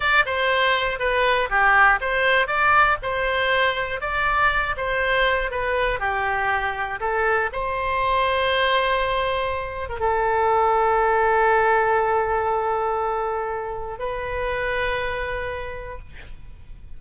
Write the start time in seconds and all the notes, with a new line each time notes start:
0.00 D5
0.25 C5
0.99 B4
1.49 G4
2.00 C5
2.47 D5
3.02 C5
4.00 D5
4.77 C5
5.50 B4
5.99 G4
7.00 A4
7.52 C5
9.89 A#4
9.99 A4
13.98 B4